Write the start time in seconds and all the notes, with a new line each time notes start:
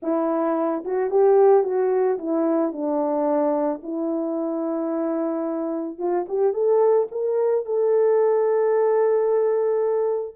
0.02 E4
0.85 F#4
1.10 G4
1.63 F#4
2.18 E4
2.72 D4
3.83 E4
5.98 F4
6.28 G4
6.53 A4
7.11 A#4
7.65 A4